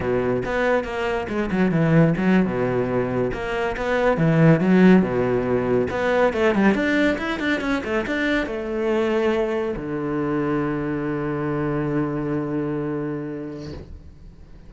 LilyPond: \new Staff \with { instrumentName = "cello" } { \time 4/4 \tempo 4 = 140 b,4 b4 ais4 gis8 fis8 | e4 fis8. b,2 ais16~ | ais8. b4 e4 fis4 b,16~ | b,4.~ b,16 b4 a8 g8 d'16~ |
d'8. e'8 d'8 cis'8 a8 d'4 a16~ | a2~ a8. d4~ d16~ | d1~ | d1 | }